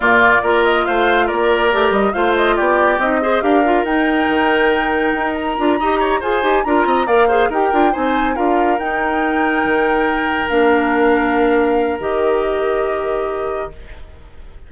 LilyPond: <<
  \new Staff \with { instrumentName = "flute" } { \time 4/4 \tempo 4 = 140 d''4. dis''8 f''4 d''4~ | d''8 dis''8 f''8 dis''8 d''4 dis''4 | f''4 g''2.~ | g''8 ais''2 gis''4 ais''8~ |
ais''8 f''4 g''4 gis''4 f''8~ | f''8 g''2.~ g''8~ | g''8 f''2.~ f''8 | dis''1 | }
  \new Staff \with { instrumentName = "oboe" } { \time 4/4 f'4 ais'4 c''4 ais'4~ | ais'4 c''4 g'4. c''8 | ais'1~ | ais'4. dis''8 cis''8 c''4 ais'8 |
dis''8 d''8 c''8 ais'4 c''4 ais'8~ | ais'1~ | ais'1~ | ais'1 | }
  \new Staff \with { instrumentName = "clarinet" } { \time 4/4 ais4 f'2. | g'4 f'2 dis'8 gis'8 | g'8 f'8 dis'2.~ | dis'4 f'8 g'4 gis'8 g'8 f'8~ |
f'8 ais'8 gis'8 g'8 f'8 dis'4 f'8~ | f'8 dis'2.~ dis'8~ | dis'8 d'2.~ d'8 | g'1 | }
  \new Staff \with { instrumentName = "bassoon" } { \time 4/4 ais,4 ais4 a4 ais4 | a8 g8 a4 b4 c'4 | d'4 dis'4 dis2 | dis'4 d'8 dis'4 f'8 dis'8 d'8 |
c'8 ais4 dis'8 d'8 c'4 d'8~ | d'8 dis'2 dis4.~ | dis8 ais2.~ ais8 | dis1 | }
>>